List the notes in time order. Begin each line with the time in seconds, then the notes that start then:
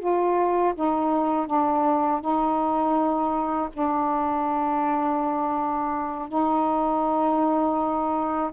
0.00 F4
0.75 D#4
1.47 D4
2.21 D#4
3.73 D4
6.29 D#4